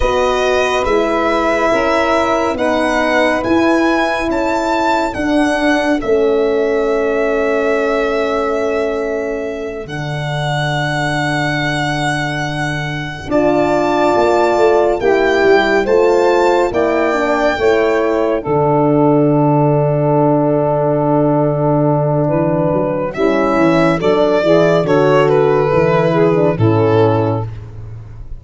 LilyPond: <<
  \new Staff \with { instrumentName = "violin" } { \time 4/4 \tempo 4 = 70 dis''4 e''2 fis''4 | gis''4 a''4 fis''4 e''4~ | e''2.~ e''8 fis''8~ | fis''2.~ fis''8 a''8~ |
a''4. g''4 a''4 g''8~ | g''4. fis''2~ fis''8~ | fis''2. e''4 | d''4 cis''8 b'4. a'4 | }
  \new Staff \with { instrumentName = "saxophone" } { \time 4/4 b'2 ais'4 b'4~ | b'4 a'2.~ | a'1~ | a'2.~ a'8 d''8~ |
d''4. g'4 c''4 d''8~ | d''8 cis''4 a'2~ a'8~ | a'2 b'4 e'4 | a'8 gis'8 a'4. gis'8 e'4 | }
  \new Staff \with { instrumentName = "horn" } { \time 4/4 fis'4 e'2 dis'4 | e'2 d'4 cis'4~ | cis'2.~ cis'8 d'8~ | d'2.~ d'8 f'8~ |
f'4. e'4 f'4 e'8 | d'8 e'4 d'2~ d'8~ | d'2. cis'4 | d'8 e'8 fis'4 e'8. d'16 cis'4 | }
  \new Staff \with { instrumentName = "tuba" } { \time 4/4 b4 gis4 cis'4 b4 | e'4 cis'4 d'4 a4~ | a2.~ a8 d8~ | d2.~ d8 d'8~ |
d'8 ais8 a8 ais8 g8 a4 ais8~ | ais8 a4 d2~ d8~ | d2 e8 fis8 g8 e8 | fis8 e8 d4 e4 a,4 | }
>>